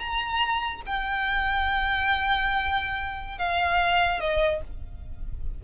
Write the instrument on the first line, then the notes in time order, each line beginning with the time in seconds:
violin
0.00 A#5
0.86 G5
3.39 F5
4.21 D#5